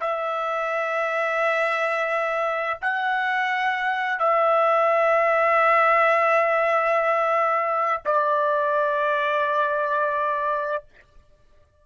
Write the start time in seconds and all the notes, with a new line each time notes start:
0.00 E5
2.81 F#5
4.19 E5
8.05 D5